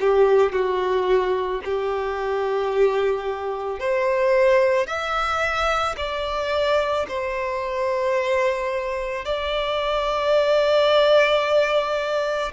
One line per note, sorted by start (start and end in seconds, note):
0.00 0.52 G4
0.52 1.61 F#4
1.64 3.79 G4
3.79 4.86 C5
4.86 5.95 E5
5.97 7.06 D5
7.08 9.25 C5
9.25 12.52 D5